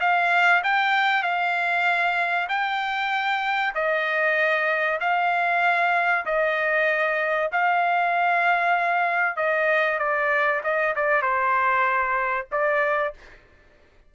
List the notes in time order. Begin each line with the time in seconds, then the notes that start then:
0.00 F5
0.64 G5
1.23 F5
2.49 G5
3.75 D#5
5.00 F5
6.26 D#5
7.52 F5
9.36 D#5
9.99 D5
10.64 D#5
10.96 D5
11.22 C5
12.52 D5